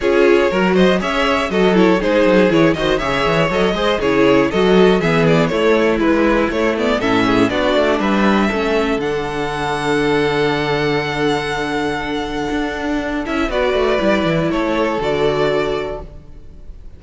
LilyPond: <<
  \new Staff \with { instrumentName = "violin" } { \time 4/4 \tempo 4 = 120 cis''4. dis''8 e''4 dis''8 cis''8 | c''4 cis''8 dis''8 e''4 dis''4 | cis''4 dis''4 e''8 d''8 cis''4 | b'4 cis''8 d''8 e''4 d''4 |
e''2 fis''2~ | fis''1~ | fis''2~ fis''8 e''8 d''4~ | d''4 cis''4 d''2 | }
  \new Staff \with { instrumentName = "violin" } { \time 4/4 gis'4 ais'8 c''8 cis''4 a'4 | gis'4. c''8 cis''4. c''8 | gis'4 a'4 gis'4 e'4~ | e'2 a'8 gis'8 fis'4 |
b'4 a'2.~ | a'1~ | a'2. b'4~ | b'4 a'2. | }
  \new Staff \with { instrumentName = "viola" } { \time 4/4 f'4 fis'4 gis'4 fis'8 e'8 | dis'4 e'8 fis'8 gis'4 a'8 gis'8 | e'4 fis'4 b4 a4 | e4 a8 b8 cis'4 d'4~ |
d'4 cis'4 d'2~ | d'1~ | d'2~ d'8 e'8 fis'4 | e'2 fis'2 | }
  \new Staff \with { instrumentName = "cello" } { \time 4/4 cis'4 fis4 cis'4 fis4 | gis8 fis8 e8 dis8 cis8 e8 fis8 gis8 | cis4 fis4 e4 a4 | gis4 a4 a,4 b8 a8 |
g4 a4 d2~ | d1~ | d4 d'4. cis'8 b8 a8 | g8 e8 a4 d2 | }
>>